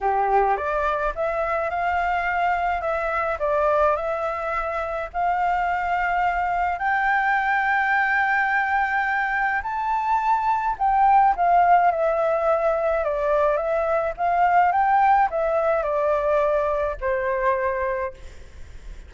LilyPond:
\new Staff \with { instrumentName = "flute" } { \time 4/4 \tempo 4 = 106 g'4 d''4 e''4 f''4~ | f''4 e''4 d''4 e''4~ | e''4 f''2. | g''1~ |
g''4 a''2 g''4 | f''4 e''2 d''4 | e''4 f''4 g''4 e''4 | d''2 c''2 | }